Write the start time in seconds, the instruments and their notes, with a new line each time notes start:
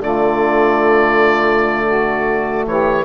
0.00 bassoon D3, trombone A3, saxophone F4, oboe D5
1.86 saxophone F#4
2.66 bassoon E3, saxophone G4, oboe C#5